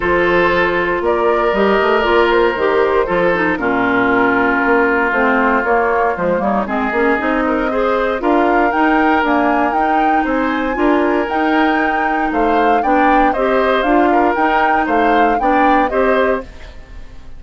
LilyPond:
<<
  \new Staff \with { instrumentName = "flute" } { \time 4/4 \tempo 4 = 117 c''2 d''4 dis''4 | d''8 c''2~ c''8 ais'4~ | ais'2 c''4 cis''4 | c''8 cis''8 dis''2. |
f''4 g''4 gis''4 g''4 | gis''2 g''2 | f''4 g''4 dis''4 f''4 | g''4 f''4 g''4 dis''4 | }
  \new Staff \with { instrumentName = "oboe" } { \time 4/4 a'2 ais'2~ | ais'2 a'4 f'4~ | f'1~ | f'8 dis'8 gis'4. ais'8 c''4 |
ais'1 | c''4 ais'2. | c''4 d''4 c''4. ais'8~ | ais'4 c''4 d''4 c''4 | }
  \new Staff \with { instrumentName = "clarinet" } { \time 4/4 f'2. g'4 | f'4 g'4 f'8 dis'8 cis'4~ | cis'2 c'4 ais4 | gis8 ais8 c'8 cis'8 dis'4 gis'4 |
f'4 dis'4 ais4 dis'4~ | dis'4 f'4 dis'2~ | dis'4 d'4 g'4 f'4 | dis'2 d'4 g'4 | }
  \new Staff \with { instrumentName = "bassoon" } { \time 4/4 f2 ais4 g8 a8 | ais4 dis4 f4 ais,4~ | ais,4 ais4 a4 ais4 | f8 g8 gis8 ais8 c'2 |
d'4 dis'4 d'4 dis'4 | c'4 d'4 dis'2 | a4 b4 c'4 d'4 | dis'4 a4 b4 c'4 | }
>>